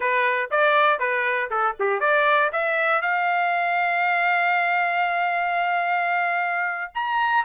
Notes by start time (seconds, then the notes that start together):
0.00 B4
0.50 D5
0.99 B4
1.50 A4
1.79 G4
2.00 D5
2.52 E5
3.01 F5
6.94 A#5